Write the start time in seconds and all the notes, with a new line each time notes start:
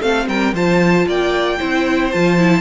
0.00 A3 C4 A4 F5
0.28 G3 A#4 G5
0.53 F3 F4 C5 A5
1.06 A#3 D5 G5
1.58 C4 E4 C5
2.11 F3 F4 A5
2.38 E4